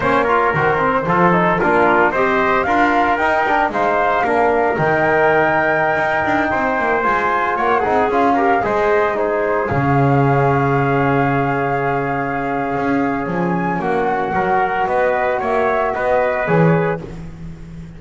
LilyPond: <<
  \new Staff \with { instrumentName = "flute" } { \time 4/4 \tempo 4 = 113 cis''4 c''2 ais'4 | dis''4 f''4 g''4 f''4~ | f''4 g''2.~ | g''4~ g''16 gis''4 fis''4 f''8.~ |
f''16 dis''4 c''4 f''4.~ f''16~ | f''1~ | f''4 gis''4 fis''2 | dis''4 e''4 dis''4 cis''4 | }
  \new Staff \with { instrumentName = "trumpet" } { \time 4/4 c''8 ais'4. a'4 f'4 | c''4 ais'2 c''4 | ais'1~ | ais'16 c''2 cis''8 gis'4 ais'16~ |
ais'16 c''4 gis'2~ gis'8.~ | gis'1~ | gis'2 fis'4 ais'4 | b'4 cis''4 b'2 | }
  \new Staff \with { instrumentName = "trombone" } { \time 4/4 cis'8 f'8 fis'8 c'8 f'8 dis'8 d'4 | g'4 f'4 dis'8 d'8 dis'4 | d'4 dis'2.~ | dis'4~ dis'16 f'4. dis'8 f'8 g'16~ |
g'16 gis'4 dis'4 cis'4.~ cis'16~ | cis'1~ | cis'2. fis'4~ | fis'2. gis'4 | }
  \new Staff \with { instrumentName = "double bass" } { \time 4/4 ais4 dis4 f4 ais4 | c'4 d'4 dis'4 gis4 | ais4 dis2~ dis16 dis'8 d'16~ | d'16 c'8 ais8 gis4 ais8 c'8 cis'8.~ |
cis'16 gis2 cis4.~ cis16~ | cis1 | cis'4 f4 ais4 fis4 | b4 ais4 b4 e4 | }
>>